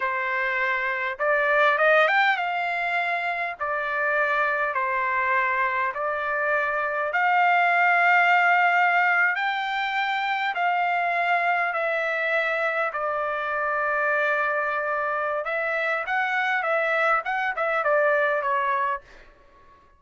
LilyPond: \new Staff \with { instrumentName = "trumpet" } { \time 4/4 \tempo 4 = 101 c''2 d''4 dis''8 g''8 | f''2 d''2 | c''2 d''2 | f''2.~ f''8. g''16~ |
g''4.~ g''16 f''2 e''16~ | e''4.~ e''16 d''2~ d''16~ | d''2 e''4 fis''4 | e''4 fis''8 e''8 d''4 cis''4 | }